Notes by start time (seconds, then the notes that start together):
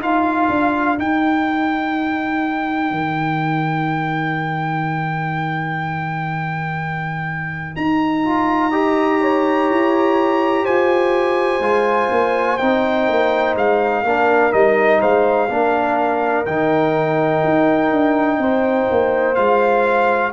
0.00 D#4 F4 A#4 F5
0.49 D4
0.97 D#4 G5
2.91 D#3
7.76 D#4 A#5
8.24 F4
8.70 G4 D#5
9.21 C#5
9.70 E4
10.64 F4 C5 G#5
11.60 G#3 F4
12.11 A#3
12.58 C4 D#4 G5
13.08 A#3
13.55 G#3 F5
14.03 A#3 D4 A#4
14.51 G3 D#4 D#5
15.00 G#3 C5 F5
15.49 A#3 D4 A#4
16.45 D#3 D#4 G5
17.44 D#4
17.91 D4
18.38 C4 C5
18.91 A#3
19.35 G#3 F4 F5